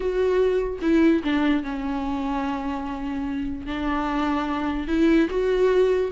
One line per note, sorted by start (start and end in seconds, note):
0.00 0.79 F#4
0.81 1.22 E4
1.23 1.63 D4
1.63 3.66 C#4
3.66 4.87 D4
4.87 5.28 E4
5.29 6.11 F#4